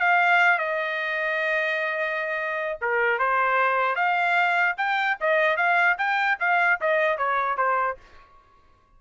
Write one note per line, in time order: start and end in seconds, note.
0.00 0.59 F5
0.59 2.79 D#5
2.81 3.19 A#4
3.19 3.96 C5
3.96 4.76 F5
4.78 5.18 G5
5.21 5.57 D#5
5.57 5.97 F5
5.99 6.39 G5
6.40 6.80 F5
6.81 7.18 D#5
7.18 7.57 C#5
7.57 7.97 C5